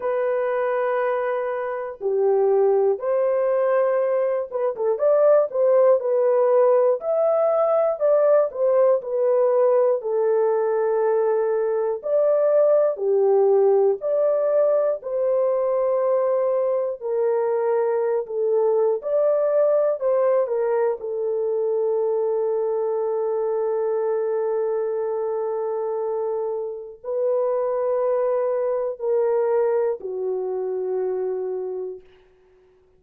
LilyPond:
\new Staff \with { instrumentName = "horn" } { \time 4/4 \tempo 4 = 60 b'2 g'4 c''4~ | c''8 b'16 a'16 d''8 c''8 b'4 e''4 | d''8 c''8 b'4 a'2 | d''4 g'4 d''4 c''4~ |
c''4 ais'4~ ais'16 a'8. d''4 | c''8 ais'8 a'2.~ | a'2. b'4~ | b'4 ais'4 fis'2 | }